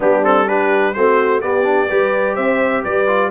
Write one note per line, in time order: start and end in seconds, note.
0.00 0.95 G3
0.00 0.23 B3
0.00 0.46 D4
0.00 0.24 G4
0.23 0.46 C4
0.23 0.47 A4
0.46 0.94 D4
0.46 0.94 G4
0.46 0.93 B4
0.93 1.42 A3
0.93 1.41 C4
0.93 1.42 F#4
0.93 1.40 C5
1.41 1.63 B3
1.41 1.89 B3
1.41 1.89 G4
1.41 2.35 D5
1.63 1.87 D4
1.89 2.37 G3
1.89 3.07 G4
1.89 2.35 B4
2.35 2.84 C4
2.35 2.82 C5
2.35 2.82 E5
2.83 3.30 G3
2.83 3.30 B4
2.83 3.30 D5
3.07 3.30 F4